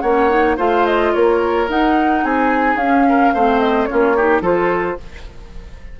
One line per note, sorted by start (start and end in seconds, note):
0.00 0.58 A#3
0.00 0.30 C#4
0.00 0.57 C#5
0.00 0.55 F#5
0.30 0.57 D#4
0.57 1.14 A3
0.57 1.68 F4
0.57 1.12 C5
0.57 0.86 F5
0.86 1.14 D#5
1.14 1.69 A#3
1.14 2.24 A#4
1.14 1.69 C#5
1.68 2.78 D#4
1.68 2.24 D#4
1.68 2.25 F#5
2.24 2.76 C4
2.24 3.07 G#4
2.24 2.77 G#5
2.76 3.31 C#4
2.76 3.36 C#4
2.76 3.60 F5
3.09 3.34 A#4
3.34 3.89 A3
3.34 3.88 C4
3.34 3.89 C5
3.60 3.85 D#5
3.85 4.15 C#4
3.85 4.16 F4
3.85 4.40 C#5
3.92 4.41 A#3
4.16 4.43 D#4
4.16 4.42 G4
4.41 4.96 F3
4.41 4.98 F4
4.41 4.97 A4
4.41 5.00 C5